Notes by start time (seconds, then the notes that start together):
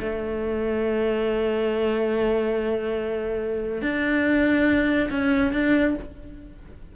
0.00 A3
3.82 D4
5.11 C#4
5.53 D4